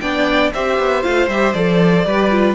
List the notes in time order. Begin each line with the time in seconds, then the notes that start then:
0.00 B3 D4 D5 G5
0.53 C4 G4 C5 E5
0.79 B3
1.03 A3 F4 F5
1.28 G3 G4 E5
1.53 F3 A4 D5
2.05 G3 G4 B4
2.30 F4